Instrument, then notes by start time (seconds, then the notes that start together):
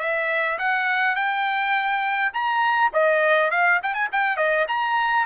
trumpet
0.00 E5
0.59 F#5
1.16 G5
2.34 A#5
2.94 D#5
3.51 F5
3.83 G5
3.95 G#5
4.12 G5
4.37 D#5
4.68 A#5